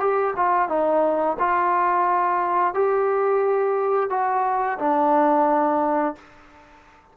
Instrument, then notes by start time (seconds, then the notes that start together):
trombone
0.00 G4
0.37 F4
0.69 D#4
1.39 F4
2.74 G4
4.10 F#4
4.79 D4